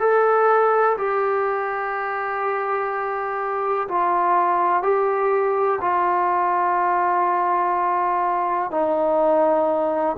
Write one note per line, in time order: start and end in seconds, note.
0.00 0.97 A4
0.98 3.88 G4
3.88 4.83 F4
4.83 5.80 G4
5.81 8.71 F4
8.71 10.17 D#4